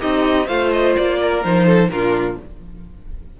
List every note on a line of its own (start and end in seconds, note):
0.00 0.48 C4
0.00 0.46 D#4
0.00 0.47 G4
0.00 0.47 D#5
0.46 0.95 A3
0.46 1.43 F4
0.46 1.17 C5
0.46 0.71 F5
0.71 0.95 D#5
0.96 1.44 A#3
0.96 1.43 D5
1.22 1.66 A#4
1.43 1.89 F3
1.43 1.90 D#4
1.43 1.89 C5
1.66 1.89 A4
1.89 2.36 A#2
1.89 2.39 D4
1.89 2.39 F4
1.89 2.36 A#4